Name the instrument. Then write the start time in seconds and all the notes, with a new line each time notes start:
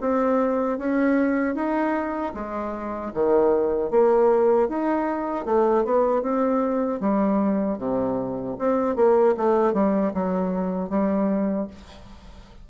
bassoon
0.00 C4
0.78 C#4
1.54 D#4
2.34 G#3
3.13 D#3
3.90 A#3
4.68 D#4
5.45 A3
5.84 B3
6.22 C4
7.00 G3
7.78 C3
8.58 C4
8.95 A#3
9.36 A3
9.73 G3
10.13 F#3
10.89 G3